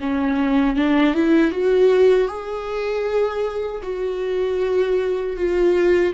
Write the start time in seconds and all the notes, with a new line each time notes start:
0.00 C#4
0.76 D4
1.15 E4
1.51 F#4
2.28 G#4
3.83 F#4
5.37 F4